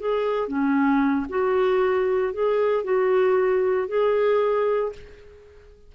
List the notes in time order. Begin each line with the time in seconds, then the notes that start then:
0.00 G#4
0.48 C#4
1.29 F#4
2.33 G#4
2.84 F#4
3.88 G#4